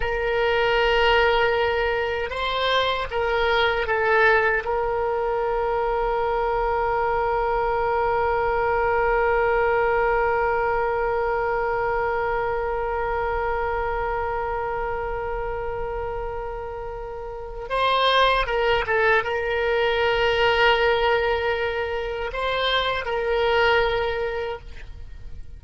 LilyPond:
\new Staff \with { instrumentName = "oboe" } { \time 4/4 \tempo 4 = 78 ais'2. c''4 | ais'4 a'4 ais'2~ | ais'1~ | ais'1~ |
ais'1~ | ais'2. c''4 | ais'8 a'8 ais'2.~ | ais'4 c''4 ais'2 | }